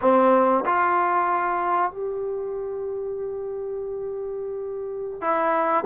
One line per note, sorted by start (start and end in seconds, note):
0.01 0.64 C4
0.65 1.91 F4
1.91 5.21 G4
5.21 5.84 E4